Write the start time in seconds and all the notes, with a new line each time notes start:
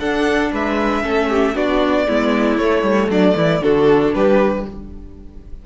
0.00 D4 A4 F#5
0.52 G#3 B4 E5
1.02 A3 C#4 A4
1.30 G4
1.55 B3 D4 F#4 D5
2.07 G#3 B3 E4
2.57 A3 C#5
2.83 G3
3.09 F#3 D4 D5
3.36 E3 E4
3.61 D3 D4 F#4 A4
4.14 G3 G4 B4